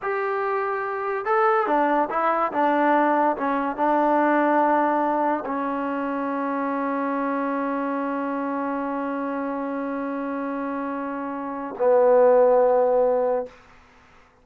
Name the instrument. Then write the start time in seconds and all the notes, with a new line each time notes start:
trombone
0.02 G4
1.25 A4
1.66 D4
2.10 E4
2.52 D4
3.36 C#4
3.76 D4
5.45 C#4
11.78 B3